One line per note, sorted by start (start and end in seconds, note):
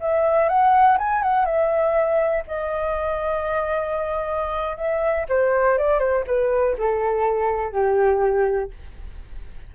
0.00 0.49 E5
0.49 0.98 F#5
0.98 1.23 G#5
1.23 1.45 F#5
1.45 2.43 E5
2.47 4.77 D#5
4.77 5.26 E5
5.29 5.78 C5
5.78 5.99 D5
5.99 6.24 C5
6.27 6.76 B4
6.78 7.72 A4
7.72 8.70 G4